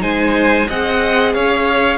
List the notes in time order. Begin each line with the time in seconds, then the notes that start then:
0.00 G#3 D#4 C5 G#5
0.68 C4 G#4 D#5 F#5
1.34 C#4 C#5 F5